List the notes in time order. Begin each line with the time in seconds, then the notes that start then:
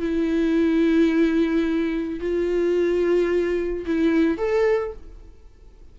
0.00 E4
2.20 F4
3.86 E4
4.38 A4